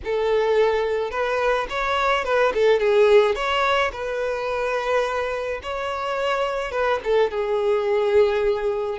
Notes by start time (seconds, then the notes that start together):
0.04 A4
1.10 B4
1.69 C#5
2.24 B4
2.54 A4
2.79 G#4
3.35 C#5
3.92 B4
5.63 C#5
6.71 B4
7.04 A4
7.30 G#4